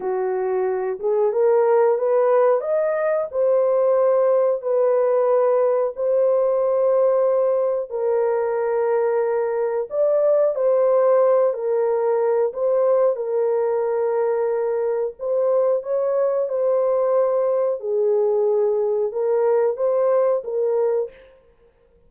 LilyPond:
\new Staff \with { instrumentName = "horn" } { \time 4/4 \tempo 4 = 91 fis'4. gis'8 ais'4 b'4 | dis''4 c''2 b'4~ | b'4 c''2. | ais'2. d''4 |
c''4. ais'4. c''4 | ais'2. c''4 | cis''4 c''2 gis'4~ | gis'4 ais'4 c''4 ais'4 | }